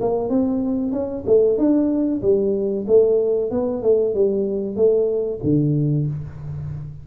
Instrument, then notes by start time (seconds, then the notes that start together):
tuba
0.00 A#3
0.29 C4
0.92 C#4
1.26 A3
1.58 D4
2.22 G3
2.87 A3
3.50 B3
3.82 A3
4.14 G3
4.76 A3
5.43 D3